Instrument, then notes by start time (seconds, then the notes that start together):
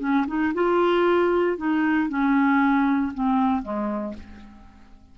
clarinet
0.00 C#4
0.28 D#4
0.54 F4
1.57 D#4
2.09 C#4
3.14 C4
3.63 G#3